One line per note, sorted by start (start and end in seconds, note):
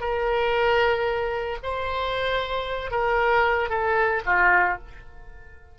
0.00 1.58 A#4
1.63 2.91 C5
2.91 3.69 A#4
3.69 4.22 A4
4.26 4.78 F4